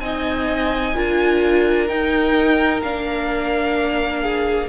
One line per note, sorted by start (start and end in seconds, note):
0.00 0.94 C4
0.00 0.95 D#4
0.00 0.96 D#5
0.00 1.88 G#5
0.95 1.90 D4
0.95 1.88 F4
0.95 4.21 A#4
1.88 2.82 D#4
1.88 2.81 G5
2.82 4.68 A#3
2.82 4.68 D4
2.82 4.68 F5
4.21 4.67 G#4